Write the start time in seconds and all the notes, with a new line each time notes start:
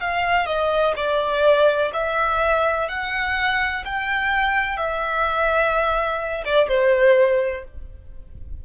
0.00 F5
0.46 D#5
0.96 D5
1.93 E5
2.88 F#5
3.85 G5
4.77 E5
6.45 D5
6.68 C5